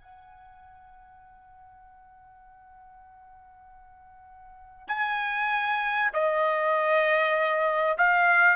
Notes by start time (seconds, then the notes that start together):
0.00 F#5
4.88 G#5
6.13 D#5
7.98 F5